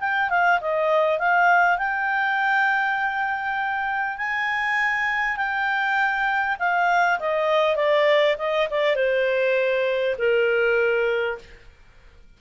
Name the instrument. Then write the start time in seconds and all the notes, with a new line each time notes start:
clarinet
0.00 G5
0.29 F5
0.61 D#5
1.19 F5
1.78 G5
4.17 G#5
5.37 G5
6.59 F5
7.20 D#5
7.76 D5
8.38 D#5
8.70 D5
8.96 C5
10.18 A#4